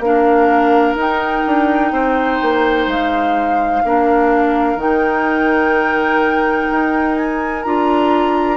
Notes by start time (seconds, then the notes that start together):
0.00 A#3 D4 A#4 F5
0.95 D#4 G5
1.47 D4
1.92 C4 C5
2.42 A#3
2.87 G#3 F5
3.84 A#3 D4 A#4
4.76 D#3 D#4 G5
6.71 D#4
7.16 G#5
7.63 D4 F4 A#5